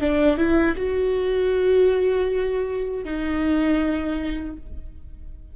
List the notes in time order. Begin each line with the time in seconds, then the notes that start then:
0.00 D4
0.37 E4
0.76 F#4
3.04 D#4